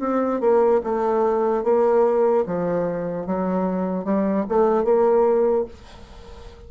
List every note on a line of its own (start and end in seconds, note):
0.00 0.41 C4
0.41 0.81 A#3
0.84 1.64 A3
1.64 2.45 A#3
2.47 3.27 F3
3.27 4.05 F#3
4.05 4.46 G3
4.49 4.85 A3
4.85 5.66 A#3